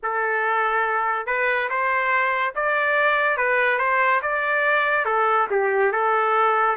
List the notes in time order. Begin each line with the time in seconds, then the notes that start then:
0.02 A4
1.26 B4
1.69 C5
2.55 D5
3.37 B4
3.78 C5
4.22 D5
5.05 A4
5.50 G4
5.92 A4